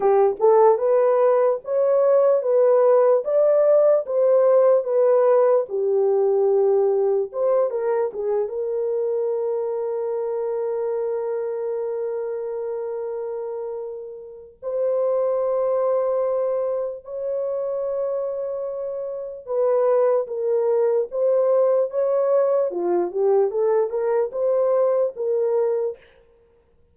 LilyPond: \new Staff \with { instrumentName = "horn" } { \time 4/4 \tempo 4 = 74 g'8 a'8 b'4 cis''4 b'4 | d''4 c''4 b'4 g'4~ | g'4 c''8 ais'8 gis'8 ais'4.~ | ais'1~ |
ais'2 c''2~ | c''4 cis''2. | b'4 ais'4 c''4 cis''4 | f'8 g'8 a'8 ais'8 c''4 ais'4 | }